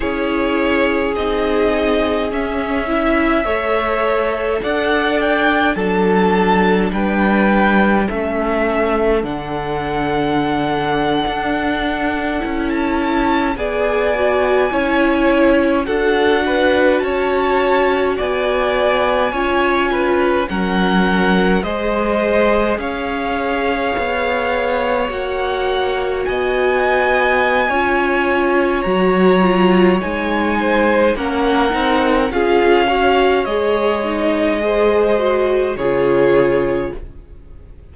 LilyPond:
<<
  \new Staff \with { instrumentName = "violin" } { \time 4/4 \tempo 4 = 52 cis''4 dis''4 e''2 | fis''8 g''8 a''4 g''4 e''4 | fis''2. a''8. gis''16~ | gis''4.~ gis''16 fis''4 a''4 gis''16~ |
gis''4.~ gis''16 fis''4 dis''4 f''16~ | f''4.~ f''16 fis''4 gis''4~ gis''16~ | gis''4 ais''4 gis''4 fis''4 | f''4 dis''2 cis''4 | }
  \new Staff \with { instrumentName = "violin" } { \time 4/4 gis'2~ gis'8 e''8 cis''4 | d''4 a'4 b'4 a'4~ | a'2.~ a'8. d''16~ | d''8. cis''4 a'8 b'8 cis''4 d''16~ |
d''8. cis''8 b'8 ais'4 c''4 cis''16~ | cis''2~ cis''8. dis''4~ dis''16 | cis''2~ cis''8 c''8 ais'4 | gis'8 cis''4. c''4 gis'4 | }
  \new Staff \with { instrumentName = "viola" } { \time 4/4 e'4 dis'4 cis'8 e'8 a'4~ | a'4 d'2 cis'4 | d'2~ d'8. e'4 gis'16~ | gis'16 fis'8 e'4 fis'2~ fis'16~ |
fis'8. f'4 cis'4 gis'4~ gis'16~ | gis'4.~ gis'16 fis'2~ fis'16 | f'4 fis'8 f'8 dis'4 cis'8 dis'8 | f'8 fis'8 gis'8 dis'8 gis'8 fis'8 f'4 | }
  \new Staff \with { instrumentName = "cello" } { \time 4/4 cis'4 c'4 cis'4 a4 | d'4 fis4 g4 a4 | d4.~ d16 d'4 cis'4 b16~ | b8. cis'4 d'4 cis'4 b16~ |
b8. cis'4 fis4 gis4 cis'16~ | cis'8. b4 ais4 b4~ b16 | cis'4 fis4 gis4 ais8 c'8 | cis'4 gis2 cis4 | }
>>